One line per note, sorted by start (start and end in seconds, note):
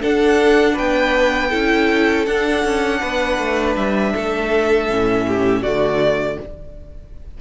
0.00 1.50 D4
0.00 0.79 D4
0.00 0.74 A4
0.00 0.78 F#5
0.74 1.54 B3
0.74 1.49 B4
0.74 2.26 G5
1.50 2.27 C#4
1.50 2.26 E4
1.50 3.00 A4
2.26 2.65 D4
2.26 4.90 D4
2.26 3.76 F#5
2.65 3.02 C#4
3.01 3.39 B3
3.01 4.13 B4
3.39 3.76 A3
3.77 4.14 G3
3.77 5.63 E5
4.14 4.90 A3
4.14 5.27 A4
4.90 5.63 A2
4.90 5.65 C#4
5.28 5.63 G4
5.63 6.38 D3
5.63 6.41 A3
5.63 6.38 F#4
5.63 6.38 D5